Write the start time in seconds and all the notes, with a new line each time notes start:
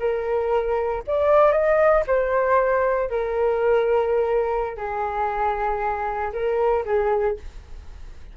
0.00 A#4
1.08 D5
1.52 D#5
2.07 C5
3.10 A#4
4.78 G#4
6.33 A#4
6.86 G#4